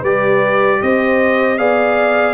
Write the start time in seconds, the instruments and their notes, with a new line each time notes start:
0.00 tuba G3, trombone G4, horn B4, trumpet D5
0.82 tuba C4, horn C5, trumpet D#5
1.58 tuba B3, trombone G#4, horn D5, trumpet F5